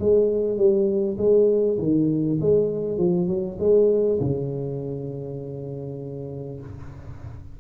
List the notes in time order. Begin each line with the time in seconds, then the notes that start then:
0.00 G#3
0.58 G3
1.18 G#3
1.79 D#3
2.41 G#3
2.98 F3
3.28 F#3
3.60 G#3
4.21 C#3